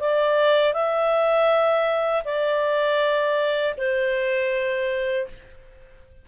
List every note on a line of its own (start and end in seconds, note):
0.00 0.74 D5
0.74 2.24 E5
2.25 3.75 D5
3.78 5.28 C5